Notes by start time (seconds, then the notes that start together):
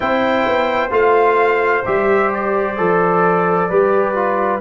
0.00 C4 E4 C5 G5
0.46 B3
0.90 A3 F4 F5
1.85 G3 G4 E5
2.33 D5
2.77 F3 A4
3.68 G3 G4 B4
4.14 F4